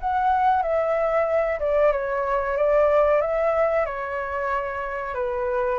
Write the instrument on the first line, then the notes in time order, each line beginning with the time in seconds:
flute
0.00 F#5
0.62 E5
1.60 D5
1.92 C#5
2.57 D5
3.21 E5
3.85 C#5
5.14 B4